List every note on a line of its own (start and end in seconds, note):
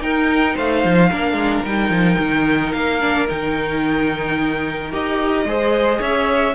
0.00 0.55 D#4
0.00 1.11 D#4
0.00 0.55 A#4
0.00 0.56 G5
0.55 0.84 A3
0.55 1.09 C5
0.55 1.64 F5
0.84 1.11 F3
1.10 1.33 A#3
1.10 1.65 D4
1.10 5.47 A#4
1.33 1.60 G#3
1.64 1.89 G3
1.64 3.00 D#4
1.64 2.72 G5
1.89 2.17 F3
2.18 2.73 D#3
2.72 3.28 A#3
2.72 3.26 F5
3.00 3.27 D4
3.27 4.92 D#3
3.27 4.91 D#4
3.27 4.92 G5
4.91 5.44 D#4
4.91 5.46 G4
4.91 6.02 D#5
5.44 5.99 G#3
5.44 6.54 G#4
5.44 5.99 C5
5.99 6.54 C#4
5.99 6.54 C#5
5.99 6.54 E5